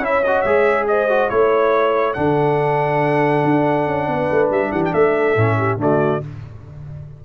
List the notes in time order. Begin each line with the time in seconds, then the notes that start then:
0.00 C#4 E4 C#5 E5
0.24 F#4 D#5
0.42 G#3 G#4 E5
0.87 C5 D#5
1.09 F#4
1.30 A3 E4 C#5
2.13 D3 D4 A4 F#5
3.44 D4
3.87 C#4
4.07 B3 B4
4.31 A3
4.50 G3 E5
4.71 E3 G4 F#5
4.85 G5
4.94 A3 A4 E5
5.36 A2 C#4
5.57 G4
5.77 D3 A3 F#4 D5